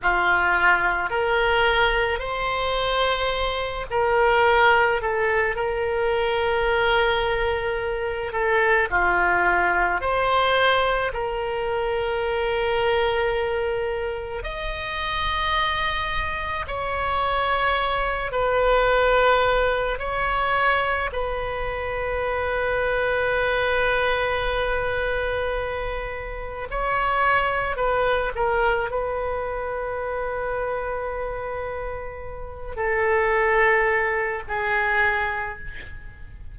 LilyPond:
\new Staff \with { instrumentName = "oboe" } { \time 4/4 \tempo 4 = 54 f'4 ais'4 c''4. ais'8~ | ais'8 a'8 ais'2~ ais'8 a'8 | f'4 c''4 ais'2~ | ais'4 dis''2 cis''4~ |
cis''8 b'4. cis''4 b'4~ | b'1 | cis''4 b'8 ais'8 b'2~ | b'4. a'4. gis'4 | }